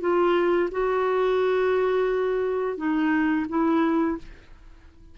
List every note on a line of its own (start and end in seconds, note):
0.00 0.69 F4
0.71 2.77 F#4
2.77 3.46 D#4
3.48 4.17 E4